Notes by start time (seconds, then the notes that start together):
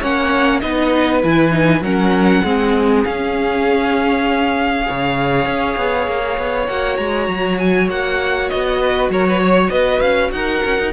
0.00 A#3 C#4 C#5 F#5
0.60 B3 D#4 B4 D#5
1.23 E3 E4 G#5
1.51 D#4
1.81 F#3 C#4 A#4 F#5
2.43 G#3 C4 G#4
3.04 C#4 F5
4.83 G#4 C#5
4.90 C#3
5.46 C#4
5.77 B3
6.07 A#3
6.38 B3
6.68 A#3 F#4 F#5
6.97 G#3 A#5
7.28 F#3
7.58 G#5
7.89 A#3 F#5
8.49 B3 D#5
8.81 B4
9.09 F#3 A#4 C#5
9.28 B4
9.42 C#5
9.70 B3 B4 D#5
10.01 C#4 F5
10.32 D#4 A#4 F#5
10.65 C#4
10.79 D#4